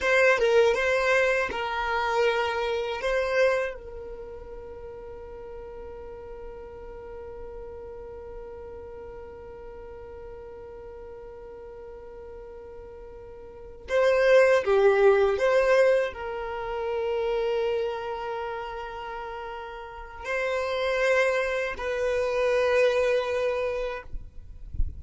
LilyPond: \new Staff \with { instrumentName = "violin" } { \time 4/4 \tempo 4 = 80 c''8 ais'8 c''4 ais'2 | c''4 ais'2.~ | ais'1~ | ais'1~ |
ais'2~ ais'8 c''4 g'8~ | g'8 c''4 ais'2~ ais'8~ | ais'2. c''4~ | c''4 b'2. | }